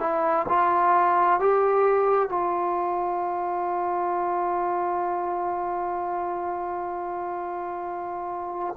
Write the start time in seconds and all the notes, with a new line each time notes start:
0.00 E4
0.49 F4
1.40 G4
2.29 F4